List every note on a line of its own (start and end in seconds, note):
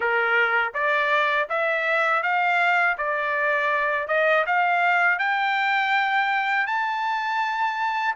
0.00 0.72 A#4
0.74 1.48 D5
1.49 2.22 E5
2.22 2.96 F5
2.97 4.07 D5
4.07 4.44 D#5
4.46 5.18 F5
5.18 6.66 G5
6.66 8.14 A5